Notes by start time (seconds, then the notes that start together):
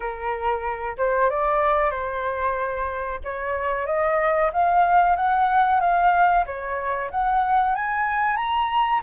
0.00 A#4
0.97 C5
1.29 D5
1.90 C5
3.24 C#5
3.86 D#5
4.52 F5
5.16 F#5
5.80 F5
6.45 C#5
7.10 F#5
7.75 G#5
8.36 A#5